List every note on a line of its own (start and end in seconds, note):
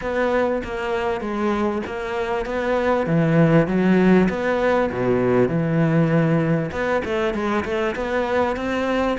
0.01 0.62 B3
0.63 1.21 A#3
1.21 1.82 G#3
1.86 2.45 A#3
2.45 3.06 B3
3.06 3.67 E3
3.67 4.28 F#3
4.29 4.90 B3
4.91 5.48 B2
5.48 6.70 E3
6.71 7.02 B3
7.04 7.33 A3
7.33 7.64 G#3
7.64 7.95 A3
7.95 8.56 B3
8.56 9.17 C4